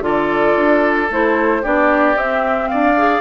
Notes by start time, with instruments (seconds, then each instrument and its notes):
0.00 bassoon D3, clarinet F4, oboe A4, flute D5
0.56 bassoon D4
1.10 bassoon A3, clarinet E4, flute C5
1.62 bassoon B3, clarinet D4, oboe G4, flute D5
2.15 clarinet C4, bassoon C4, flute E5
2.68 bassoon D4, oboe D5, flute F5
2.96 clarinet G#4